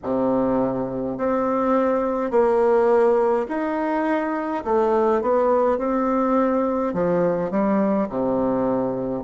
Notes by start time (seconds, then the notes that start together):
0.03 C3
1.17 C4
2.31 A#3
3.48 D#4
4.64 A3
5.21 B3
5.77 C4
6.93 F3
7.51 G3
8.09 C3